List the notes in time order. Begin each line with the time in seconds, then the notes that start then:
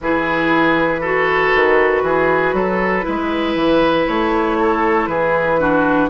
0.00 E3 E4 G#4 B4
1.00 F#4 A4
1.54 D#3
2.02 E3 G#4
2.53 F#3 A4
3.01 E4 B4
3.08 G#3
3.55 E3
4.07 A3 C#5
4.59 A4
5.06 E3 G#4 B4
5.59 D4 F#4